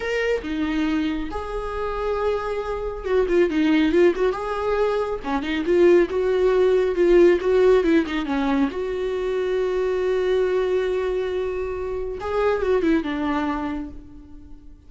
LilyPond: \new Staff \with { instrumentName = "viola" } { \time 4/4 \tempo 4 = 138 ais'4 dis'2 gis'4~ | gis'2. fis'8 f'8 | dis'4 f'8 fis'8 gis'2 | cis'8 dis'8 f'4 fis'2 |
f'4 fis'4 e'8 dis'8 cis'4 | fis'1~ | fis'1 | gis'4 fis'8 e'8 d'2 | }